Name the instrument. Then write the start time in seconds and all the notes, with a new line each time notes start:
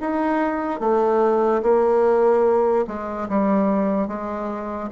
bassoon
0.00 D#4
0.80 A3
1.62 A#3
2.87 G#3
3.29 G3
4.07 G#3